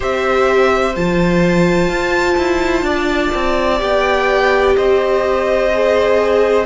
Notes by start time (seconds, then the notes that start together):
0.00 C4 G4 C5 E5
0.95 F3 F4 A5
1.87 F4
2.37 E4
2.82 D4 D5
3.34 C4
3.78 B3 G4 G5
4.76 C4 C5 D#5
5.72 G#4